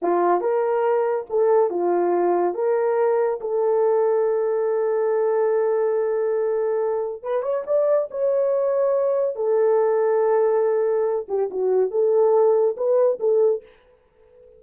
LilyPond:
\new Staff \with { instrumentName = "horn" } { \time 4/4 \tempo 4 = 141 f'4 ais'2 a'4 | f'2 ais'2 | a'1~ | a'1~ |
a'4 b'8 cis''8 d''4 cis''4~ | cis''2 a'2~ | a'2~ a'8 g'8 fis'4 | a'2 b'4 a'4 | }